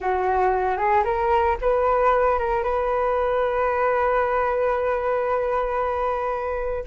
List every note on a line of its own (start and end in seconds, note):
0.00 0.77 F#4
0.77 1.03 G#4
1.04 1.57 A#4
1.61 2.39 B4
2.39 2.63 A#4
2.63 6.84 B4